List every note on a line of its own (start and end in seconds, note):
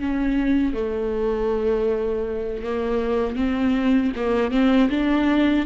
0.00 0.74 C#4
0.74 2.64 A3
2.64 3.37 A#3
3.37 4.13 C4
4.16 4.52 A#3
4.52 4.90 C4
4.91 5.66 D4